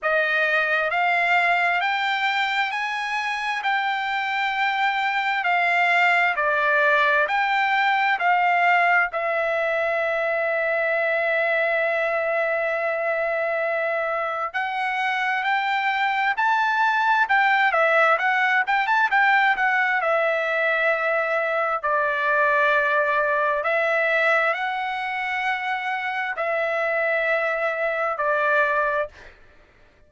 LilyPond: \new Staff \with { instrumentName = "trumpet" } { \time 4/4 \tempo 4 = 66 dis''4 f''4 g''4 gis''4 | g''2 f''4 d''4 | g''4 f''4 e''2~ | e''1 |
fis''4 g''4 a''4 g''8 e''8 | fis''8 g''16 a''16 g''8 fis''8 e''2 | d''2 e''4 fis''4~ | fis''4 e''2 d''4 | }